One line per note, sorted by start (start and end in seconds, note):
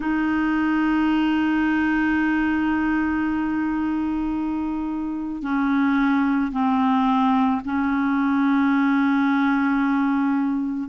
0.00 5.42 D#4
5.42 6.51 C#4
6.52 7.61 C4
7.64 10.88 C#4